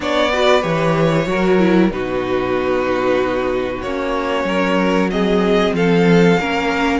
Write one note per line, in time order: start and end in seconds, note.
0.00 0.63 B3
0.00 0.31 D4
0.00 0.32 C#5
0.00 0.62 D5
0.32 0.61 F#4
0.32 1.28 B4
0.61 1.27 E3
0.61 1.25 G4
0.61 1.90 C#5
1.26 1.90 F#3
1.26 1.58 F#4
1.26 1.93 A#4
1.58 1.90 E4
1.90 3.82 B2
1.90 3.83 D#4
1.90 4.47 F#4
1.90 3.82 B4
3.82 4.44 A#3
3.82 5.09 C#4
3.82 5.09 C#5
4.44 5.71 F#3
4.44 5.11 A#4
5.09 6.37 C4
5.09 5.76 G#4
5.09 5.74 D#5
5.72 6.36 F3
5.72 6.39 A4
5.72 6.99 F5
6.39 6.99 A#3
6.39 6.99 C#4
6.39 6.99 A#4